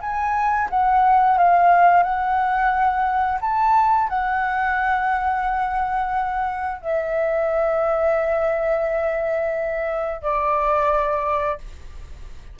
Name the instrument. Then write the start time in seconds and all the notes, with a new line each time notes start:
flute
0.00 G#5
0.69 F#5
1.37 F5
2.02 F#5
3.41 A5
4.08 F#5
6.81 E5
10.21 D5